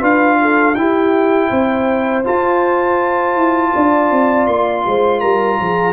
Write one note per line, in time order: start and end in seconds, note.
0.00 0.76 D4
0.00 0.74 F4
0.00 0.37 B4
0.00 0.75 F5
0.41 0.78 A4
0.75 1.50 E4
0.75 2.24 E4
0.75 1.50 G4
0.75 2.23 G5
1.50 2.25 C4
1.50 3.72 C5
2.24 5.93 F4
2.24 3.36 F4
2.24 4.47 A5
3.36 3.73 E4
3.74 4.11 D4
3.74 4.85 D5
4.11 4.47 C4
4.47 4.84 A#3
4.47 5.20 C6
4.86 5.22 G#3
4.86 5.20 C5
5.20 5.59 G3
5.20 5.57 A#4
5.20 5.93 A#5
5.60 5.93 F3
5.60 5.93 G#4